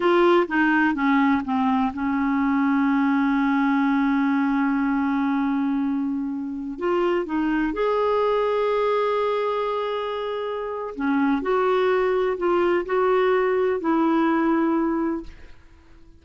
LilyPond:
\new Staff \with { instrumentName = "clarinet" } { \time 4/4 \tempo 4 = 126 f'4 dis'4 cis'4 c'4 | cis'1~ | cis'1~ | cis'2~ cis'16 f'4 dis'8.~ |
dis'16 gis'2.~ gis'8.~ | gis'2. cis'4 | fis'2 f'4 fis'4~ | fis'4 e'2. | }